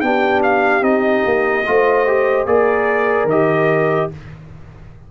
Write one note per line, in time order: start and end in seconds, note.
0.00 0.81 B3
0.00 0.81 D4
0.00 1.66 G4
0.00 0.41 G5
0.43 0.83 F5
0.81 1.22 C4
0.81 1.62 D#4
0.81 2.45 D#5
1.25 1.65 A#3
1.66 2.46 A3
1.66 2.06 F4
1.66 2.48 C5
2.06 2.46 G4
2.46 3.24 A#3
2.46 3.27 G#4
2.46 4.10 A#4
2.46 3.27 D5
3.24 4.05 D#3
3.24 4.11 G4
3.24 4.10 D#5